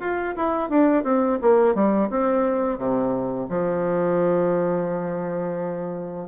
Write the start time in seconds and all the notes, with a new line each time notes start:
0.00 F4
0.36 E4
0.69 D4
1.04 C4
1.42 A#3
1.75 G3
2.10 C4
2.78 C3
3.49 F3